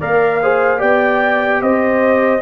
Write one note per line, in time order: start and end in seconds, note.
0.00 0.82 A#3
0.00 0.42 A#4
0.00 0.41 D5
0.00 0.81 F5
0.43 0.78 G#4
0.43 0.79 C5
0.78 1.62 B3
0.78 2.40 G4
0.78 1.60 D5
0.78 1.62 G5
1.62 2.42 C4
1.62 2.42 C5
1.62 2.42 D#5